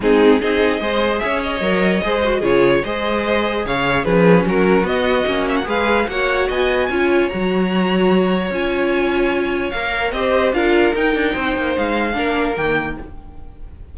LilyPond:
<<
  \new Staff \with { instrumentName = "violin" } { \time 4/4 \tempo 4 = 148 gis'4 dis''2 e''8 dis''8~ | dis''2 cis''4 dis''4~ | dis''4 f''4 b'4 ais'4 | dis''4. e''16 fis''16 f''4 fis''4 |
gis''2 ais''2~ | ais''4 gis''2. | f''4 dis''4 f''4 g''4~ | g''4 f''2 g''4 | }
  \new Staff \with { instrumentName = "violin" } { \time 4/4 dis'4 gis'4 c''4 cis''4~ | cis''4 c''4 gis'4 c''4~ | c''4 cis''4 gis'4 fis'4~ | fis'2 b'4 cis''4 |
dis''4 cis''2.~ | cis''1~ | cis''4 c''4 ais'2 | c''2 ais'2 | }
  \new Staff \with { instrumentName = "viola" } { \time 4/4 c'4 dis'4 gis'2 | ais'4 gis'8 fis'8 f'4 gis'4~ | gis'2 cis'2 | b4 cis'4 gis'4 fis'4~ |
fis'4 f'4 fis'2~ | fis'4 f'2. | ais'4 g'4 f'4 dis'4~ | dis'2 d'4 ais4 | }
  \new Staff \with { instrumentName = "cello" } { \time 4/4 gis4 c'4 gis4 cis'4 | fis4 gis4 cis4 gis4~ | gis4 cis4 f4 fis4 | b4 ais4 gis4 ais4 |
b4 cis'4 fis2~ | fis4 cis'2. | ais4 c'4 d'4 dis'8 d'8 | c'8 ais8 gis4 ais4 dis4 | }
>>